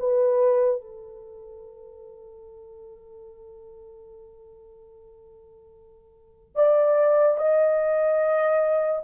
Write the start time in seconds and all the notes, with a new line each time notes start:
0.00 B4
0.81 A4
6.56 D5
7.38 D#5